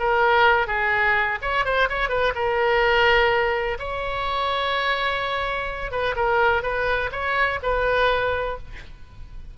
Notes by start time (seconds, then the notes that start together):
0.00 A#4
0.68 G#4
1.42 C#5
1.65 C5
1.90 C#5
2.10 B4
2.35 A#4
3.79 C#5
5.92 B4
6.16 A#4
6.63 B4
7.12 C#5
7.63 B4